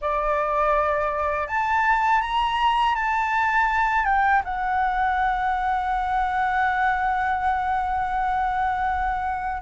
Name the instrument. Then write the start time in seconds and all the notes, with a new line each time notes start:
flute
0.01 D5
1.47 A5
2.21 A#5
2.95 A5
4.05 G5
4.44 F#5